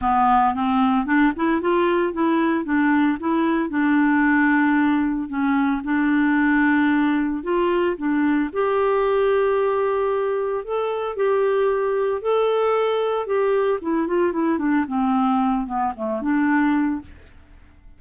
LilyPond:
\new Staff \with { instrumentName = "clarinet" } { \time 4/4 \tempo 4 = 113 b4 c'4 d'8 e'8 f'4 | e'4 d'4 e'4 d'4~ | d'2 cis'4 d'4~ | d'2 f'4 d'4 |
g'1 | a'4 g'2 a'4~ | a'4 g'4 e'8 f'8 e'8 d'8 | c'4. b8 a8 d'4. | }